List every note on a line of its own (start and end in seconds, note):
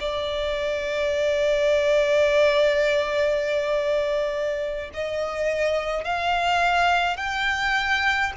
0.00 4.90 D5
4.94 6.05 D#5
6.05 7.17 F5
7.17 8.33 G5